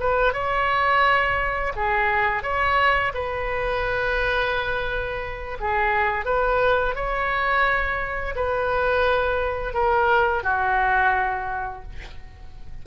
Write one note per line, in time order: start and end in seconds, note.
0.00 0.33 B4
0.33 1.73 C#5
1.76 2.43 G#4
2.43 3.13 C#5
3.14 5.58 B4
5.60 6.25 G#4
6.25 6.95 B4
6.95 8.35 C#5
8.36 9.74 B4
9.74 10.44 A#4
10.44 11.83 F#4